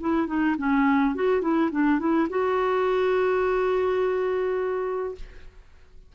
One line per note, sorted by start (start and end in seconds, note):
0.00 0.27 E4
0.27 0.55 D#4
0.57 1.15 C#4
1.15 1.41 F#4
1.41 1.70 E4
1.71 1.99 D4
1.99 2.28 E4
2.29 5.15 F#4